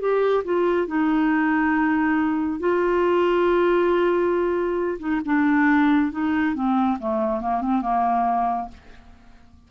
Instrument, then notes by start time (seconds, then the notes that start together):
clarinet
0.00 G4
0.44 F4
0.87 D#4
2.59 F4
4.99 D#4
5.25 D4
6.11 D#4
6.55 C4
6.99 A3
7.40 A#3
7.61 C4
7.81 A#3